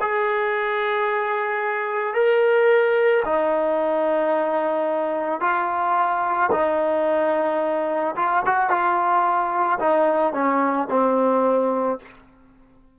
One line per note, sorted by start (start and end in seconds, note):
0.00 2.14 G#4
2.14 3.23 A#4
3.25 5.40 D#4
5.40 6.50 F4
6.52 8.15 D#4
8.15 8.42 F4
8.45 8.70 F#4
8.70 9.79 F4
9.79 10.33 D#4
10.33 10.87 C#4
10.89 11.99 C4